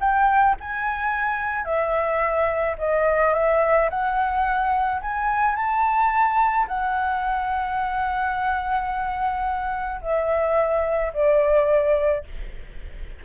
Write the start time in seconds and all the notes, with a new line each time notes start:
0.00 G5
0.60 G#5
1.64 E5
2.78 D#5
3.34 E5
3.90 F#5
5.01 G#5
5.55 A5
6.68 F#5
10.01 E5
11.13 D5